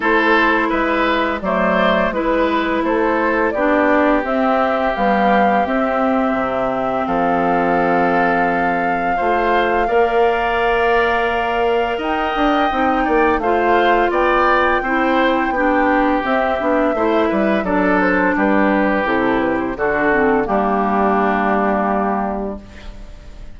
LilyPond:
<<
  \new Staff \with { instrumentName = "flute" } { \time 4/4 \tempo 4 = 85 c''4 e''4 d''4 b'4 | c''4 d''4 e''4 f''4 | e''2 f''2~ | f''1~ |
f''4 g''2 f''4 | g''2. e''4~ | e''4 d''8 c''8 b'4 a'8 b'16 c''16 | a'4 g'2. | }
  \new Staff \with { instrumentName = "oboe" } { \time 4/4 a'4 b'4 c''4 b'4 | a'4 g'2.~ | g'2 a'2~ | a'4 c''4 d''2~ |
d''4 dis''4. d''8 c''4 | d''4 c''4 g'2 | c''8 b'8 a'4 g'2 | fis'4 d'2. | }
  \new Staff \with { instrumentName = "clarinet" } { \time 4/4 e'2 a4 e'4~ | e'4 d'4 c'4 g4 | c'1~ | c'4 f'4 ais'2~ |
ais'2 dis'4 f'4~ | f'4 e'4 d'4 c'8 d'8 | e'4 d'2 e'4 | d'8 c'8 ais2. | }
  \new Staff \with { instrumentName = "bassoon" } { \time 4/4 a4 gis4 fis4 gis4 | a4 b4 c'4 b4 | c'4 c4 f2~ | f4 a4 ais2~ |
ais4 dis'8 d'8 c'8 ais8 a4 | b4 c'4 b4 c'8 b8 | a8 g8 fis4 g4 c4 | d4 g2. | }
>>